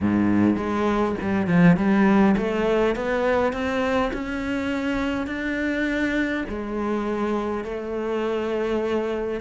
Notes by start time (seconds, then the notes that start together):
0.01 G#2
0.56 G#3
1.21 G3
1.47 F3
1.76 G3
2.37 A3
2.95 B3
3.53 C4
4.13 C#4
5.26 D4
6.48 G#3
7.64 A3